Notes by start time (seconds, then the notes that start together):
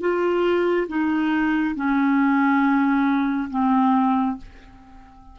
0.00 F4
0.88 D#4
1.75 C#4
3.50 C4